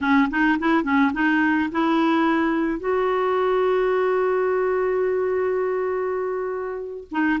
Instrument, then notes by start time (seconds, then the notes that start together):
clarinet
0.01 C#4
0.30 D#4
0.59 E4
0.83 C#4
1.13 D#4
1.71 E4
2.79 F#4
7.11 D#4